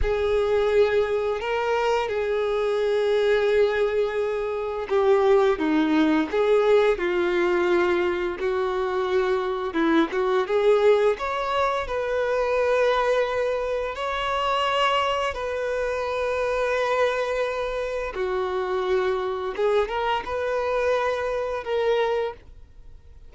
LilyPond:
\new Staff \with { instrumentName = "violin" } { \time 4/4 \tempo 4 = 86 gis'2 ais'4 gis'4~ | gis'2. g'4 | dis'4 gis'4 f'2 | fis'2 e'8 fis'8 gis'4 |
cis''4 b'2. | cis''2 b'2~ | b'2 fis'2 | gis'8 ais'8 b'2 ais'4 | }